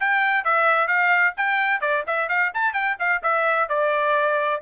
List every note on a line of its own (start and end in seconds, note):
0.00 0.44 G5
0.44 0.87 E5
0.87 1.34 F5
1.36 1.80 G5
1.80 2.03 D5
2.07 2.29 E5
2.29 2.52 F5
2.54 2.73 A5
2.73 2.96 G5
2.99 3.22 F5
3.22 3.68 E5
3.68 4.61 D5